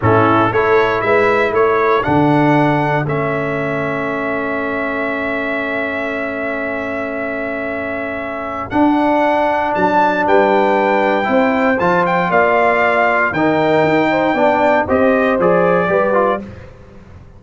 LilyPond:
<<
  \new Staff \with { instrumentName = "trumpet" } { \time 4/4 \tempo 4 = 117 a'4 cis''4 e''4 cis''4 | fis''2 e''2~ | e''1~ | e''1~ |
e''4 fis''2 a''4 | g''2. a''8 g''8 | f''2 g''2~ | g''4 dis''4 d''2 | }
  \new Staff \with { instrumentName = "horn" } { \time 4/4 e'4 a'4 b'4 a'4~ | a'1~ | a'1~ | a'1~ |
a'1 | b'2 c''2 | d''2 ais'4. c''8 | d''4 c''2 b'4 | }
  \new Staff \with { instrumentName = "trombone" } { \time 4/4 cis'4 e'2. | d'2 cis'2~ | cis'1~ | cis'1~ |
cis'4 d'2.~ | d'2 e'4 f'4~ | f'2 dis'2 | d'4 g'4 gis'4 g'8 f'8 | }
  \new Staff \with { instrumentName = "tuba" } { \time 4/4 a,4 a4 gis4 a4 | d2 a2~ | a1~ | a1~ |
a4 d'2 fis4 | g2 c'4 f4 | ais2 dis4 dis'4 | b4 c'4 f4 g4 | }
>>